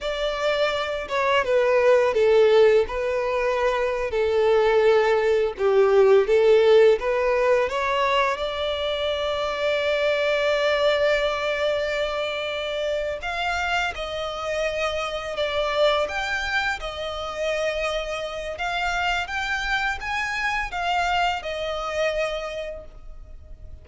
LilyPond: \new Staff \with { instrumentName = "violin" } { \time 4/4 \tempo 4 = 84 d''4. cis''8 b'4 a'4 | b'4.~ b'16 a'2 g'16~ | g'8. a'4 b'4 cis''4 d''16~ | d''1~ |
d''2~ d''8 f''4 dis''8~ | dis''4. d''4 g''4 dis''8~ | dis''2 f''4 g''4 | gis''4 f''4 dis''2 | }